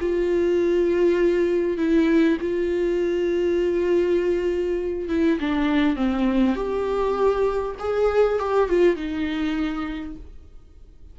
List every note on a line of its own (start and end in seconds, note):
0.00 1.77 F4
1.77 2.37 E4
2.41 5.09 F4
5.09 5.39 E4
5.40 5.96 D4
5.96 6.56 C4
6.56 7.76 G4
7.79 8.39 G#4
8.39 8.69 G4
8.69 8.96 F4
8.96 10.16 D#4